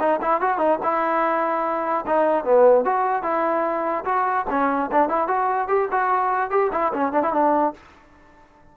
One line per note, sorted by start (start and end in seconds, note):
0.00 0.20 D#4
0.22 0.41 E4
0.41 0.58 F#4
0.58 0.79 D#4
0.83 2.05 E4
2.07 2.45 D#4
2.45 2.85 B3
2.85 3.23 F#4
3.23 4.05 E4
4.05 4.46 F#4
4.50 4.91 C#4
4.92 5.09 D4
5.09 5.28 E4
5.28 5.68 F#4
5.68 5.89 G4
5.91 6.51 F#4
6.51 6.71 G4
6.72 6.93 E4
6.93 7.13 C#4
7.13 7.23 D4
7.23 7.33 E4
7.33 7.74 D4